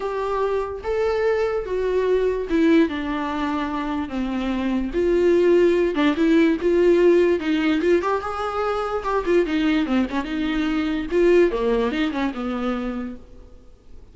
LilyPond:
\new Staff \with { instrumentName = "viola" } { \time 4/4 \tempo 4 = 146 g'2 a'2 | fis'2 e'4 d'4~ | d'2 c'2 | f'2~ f'8 d'8 e'4 |
f'2 dis'4 f'8 g'8 | gis'2 g'8 f'8 dis'4 | c'8 cis'8 dis'2 f'4 | ais4 dis'8 cis'8 b2 | }